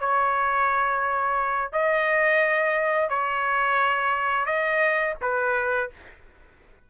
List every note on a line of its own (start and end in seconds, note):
0.00 1.72 C#5
1.72 3.09 D#5
3.09 4.46 C#5
4.46 5.15 D#5
5.21 5.90 B4